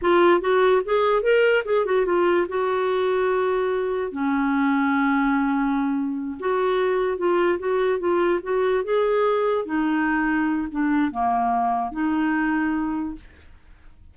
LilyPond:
\new Staff \with { instrumentName = "clarinet" } { \time 4/4 \tempo 4 = 146 f'4 fis'4 gis'4 ais'4 | gis'8 fis'8 f'4 fis'2~ | fis'2 cis'2~ | cis'2.~ cis'8 fis'8~ |
fis'4. f'4 fis'4 f'8~ | f'8 fis'4 gis'2 dis'8~ | dis'2 d'4 ais4~ | ais4 dis'2. | }